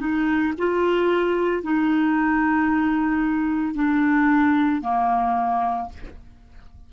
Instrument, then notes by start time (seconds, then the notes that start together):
clarinet
0.00 D#4
0.58 F4
1.63 D#4
3.75 D4
4.82 A#3